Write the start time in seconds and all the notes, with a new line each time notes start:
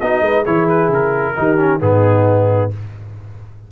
0.00 B3 D#4 F#4 D#5
0.21 G#3 B4
0.43 E3 E4 G#4 C#5
0.69 B4
0.88 C#3 A#4
1.35 D#3 D#4 G4
1.57 C#4
1.80 G#2 B3 D#4 G#4